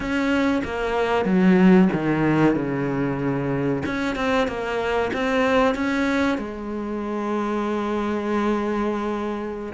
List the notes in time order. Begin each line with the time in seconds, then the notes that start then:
0.00 C#4
0.64 A#3
1.25 F#3
1.93 D#3
2.55 C#3
3.85 C#4
4.15 C4
4.47 A#3
5.13 C4
5.74 C#4
6.37 G#3